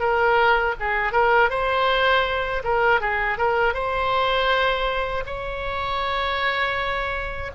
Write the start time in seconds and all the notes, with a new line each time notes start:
0.00 A#4
0.80 G#4
1.12 A#4
1.50 C5
2.64 A#4
3.01 G#4
3.38 A#4
3.74 C5
5.26 C#5